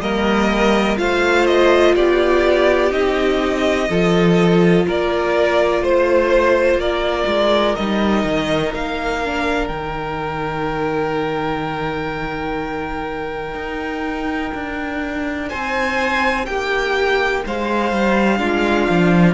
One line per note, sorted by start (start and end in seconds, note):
0.00 0.97 G3
0.00 0.97 A#3
0.00 0.99 A#4
0.00 0.97 D#5
0.97 1.95 A3
0.97 2.90 F4
0.97 1.94 C5
0.97 1.46 F5
1.46 1.94 D#5
1.94 2.91 B3
1.94 3.88 G4
1.94 2.92 D5
2.90 3.88 C4
2.90 3.87 D#4
2.90 4.85 D#5
3.89 4.86 F3
3.89 7.78 F4
3.89 4.86 A4
4.87 5.81 A#3
4.87 5.82 A#4
4.87 5.84 D5
5.81 6.75 A3
5.81 6.79 C5
5.81 6.80 C5
6.75 7.24 A#3
6.75 15.49 A#4
6.75 7.75 D5
7.26 7.75 G#3
7.75 8.24 G3
7.75 9.24 D#4
7.75 8.72 D#5
8.24 8.72 D#3
8.73 9.69 A#3
8.73 9.68 F5
9.24 9.71 D4
9.68 13.54 D#3
9.68 18.37 D#4
9.68 15.48 G5
13.54 14.51 D#4
14.54 15.51 D4
15.49 16.47 C4
15.49 16.46 C5
15.49 16.46 G#5
16.46 17.43 A#3
16.46 17.45 G4
16.46 17.42 G5
17.45 17.92 G#3
17.45 18.39 C5
17.45 19.34 F5
17.92 18.39 G3
18.37 18.87 G#3
18.37 19.34 D4
18.37 19.34 F4
18.89 19.34 F3